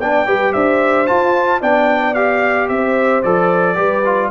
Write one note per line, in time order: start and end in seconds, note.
0.00 0.27 B3
0.00 0.27 D4
0.00 0.27 D5
0.00 0.53 G5
0.27 0.54 G3
0.27 1.07 G4
0.27 0.53 B4
0.53 1.09 D4
0.53 1.61 C5
0.53 1.07 E5
1.07 1.61 F4
1.07 1.62 F4
1.07 1.61 A5
1.61 2.70 B3
1.61 2.16 D4
1.61 2.70 D5
1.61 2.14 G5
2.14 3.24 G4
2.14 2.68 F5
2.69 3.24 C4
2.69 3.76 C5
2.69 3.23 E5
3.23 3.77 F3
3.23 3.76 A4
3.23 4.31 D5
3.76 4.31 G3
3.76 4.03 G4
3.76 4.30 B4
4.06 4.32 F4